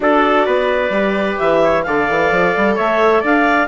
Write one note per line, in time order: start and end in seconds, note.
0.00 0.46 D4
0.00 0.90 F#4
0.00 0.46 A4
0.00 1.38 D5
0.46 0.89 B3
0.46 1.61 B4
0.89 1.35 G3
0.89 1.83 G4
1.38 1.86 E3
1.38 1.82 E5
1.62 1.85 C#5
1.82 2.09 D3
1.82 3.68 A4
1.82 2.75 D5
1.82 2.75 F5
2.09 2.31 E3
2.31 2.54 F3
2.56 2.78 G3
2.75 3.23 A3
2.75 3.20 C#5
2.75 3.23 E5
3.20 3.68 D4
3.20 3.66 D5
3.20 3.68 F5